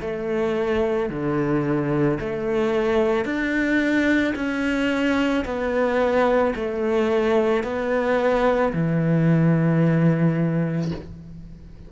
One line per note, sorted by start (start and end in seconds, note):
0.00 1.09 A3
1.09 2.18 D3
2.19 3.24 A3
3.24 4.33 D4
4.35 5.44 C#4
5.44 6.54 B3
6.55 7.63 A3
7.63 8.72 B3
8.73 10.91 E3